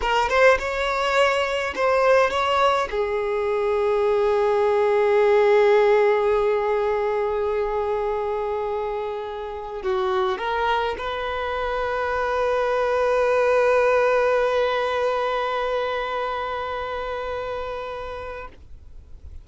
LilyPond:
\new Staff \with { instrumentName = "violin" } { \time 4/4 \tempo 4 = 104 ais'8 c''8 cis''2 c''4 | cis''4 gis'2.~ | gis'1~ | gis'1~ |
gis'4 fis'4 ais'4 b'4~ | b'1~ | b'1~ | b'1 | }